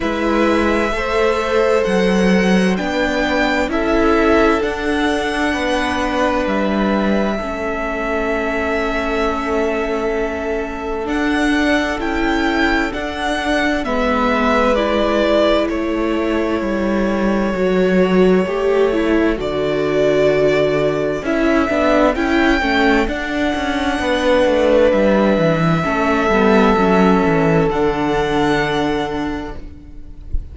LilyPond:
<<
  \new Staff \with { instrumentName = "violin" } { \time 4/4 \tempo 4 = 65 e''2 fis''4 g''4 | e''4 fis''2 e''4~ | e''1 | fis''4 g''4 fis''4 e''4 |
d''4 cis''2.~ | cis''4 d''2 e''4 | g''4 fis''2 e''4~ | e''2 fis''2 | }
  \new Staff \with { instrumentName = "violin" } { \time 4/4 b'4 c''2 b'4 | a'2 b'2 | a'1~ | a'2. b'4~ |
b'4 a'2.~ | a'1~ | a'2 b'2 | a'1 | }
  \new Staff \with { instrumentName = "viola" } { \time 4/4 e'4 a'2 d'4 | e'4 d'2. | cis'1 | d'4 e'4 d'4 b4 |
e'2. fis'4 | g'8 e'8 fis'2 e'8 d'8 | e'8 cis'8 d'2. | cis'8 b8 cis'4 d'2 | }
  \new Staff \with { instrumentName = "cello" } { \time 4/4 gis4 a4 fis4 b4 | cis'4 d'4 b4 g4 | a1 | d'4 cis'4 d'4 gis4~ |
gis4 a4 g4 fis4 | a4 d2 cis'8 b8 | cis'8 a8 d'8 cis'8 b8 a8 g8 e8 | a8 g8 fis8 e8 d2 | }
>>